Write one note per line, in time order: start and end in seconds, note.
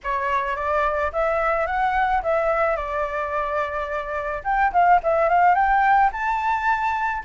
0.03 0.56 C#5
0.56 1.11 D5
1.12 1.66 E5
1.66 2.22 F#5
2.22 2.76 E5
2.76 4.42 D5
4.44 4.71 G5
4.72 5.00 F5
5.03 5.29 E5
5.29 5.54 F5
5.54 6.10 G5
6.12 7.23 A5